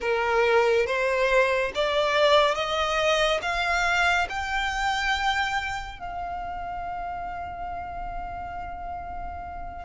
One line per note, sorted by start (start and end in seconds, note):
0.00 0.86 A#4
0.86 1.72 C5
1.74 2.54 D5
2.54 3.40 D#5
3.41 4.27 F5
4.29 5.99 G5
5.99 9.84 F5